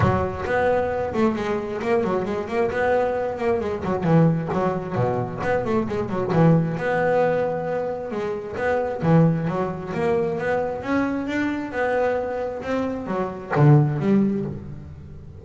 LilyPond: \new Staff \with { instrumentName = "double bass" } { \time 4/4 \tempo 4 = 133 fis4 b4. a8 gis4 | ais8 fis8 gis8 ais8 b4. ais8 | gis8 fis8 e4 fis4 b,4 | b8 a8 gis8 fis8 e4 b4~ |
b2 gis4 b4 | e4 fis4 ais4 b4 | cis'4 d'4 b2 | c'4 fis4 d4 g4 | }